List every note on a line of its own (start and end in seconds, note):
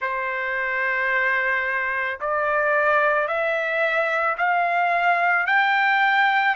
0.01 2.19 C5
2.20 3.27 D5
3.27 4.36 E5
4.37 5.46 F5
5.46 6.55 G5